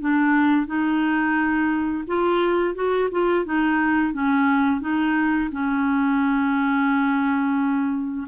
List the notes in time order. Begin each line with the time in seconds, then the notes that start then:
0.00 D4
0.66 D#4
2.07 F4
2.74 F#4
3.11 F4
3.45 D#4
4.13 C#4
4.81 D#4
5.51 C#4